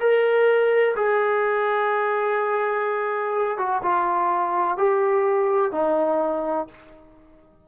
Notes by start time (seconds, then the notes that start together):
0.00 A#4
0.96 G#4
3.58 F#4
3.83 F4
4.77 G4
5.72 D#4